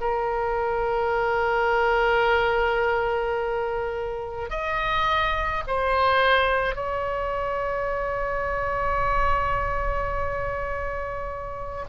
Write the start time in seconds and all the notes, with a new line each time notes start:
0.00 A#4
4.50 D#5
5.67 C5
6.75 C#5